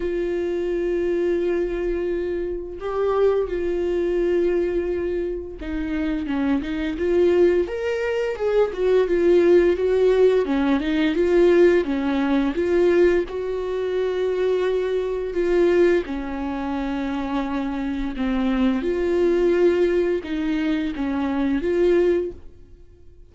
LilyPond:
\new Staff \with { instrumentName = "viola" } { \time 4/4 \tempo 4 = 86 f'1 | g'4 f'2. | dis'4 cis'8 dis'8 f'4 ais'4 | gis'8 fis'8 f'4 fis'4 cis'8 dis'8 |
f'4 cis'4 f'4 fis'4~ | fis'2 f'4 cis'4~ | cis'2 c'4 f'4~ | f'4 dis'4 cis'4 f'4 | }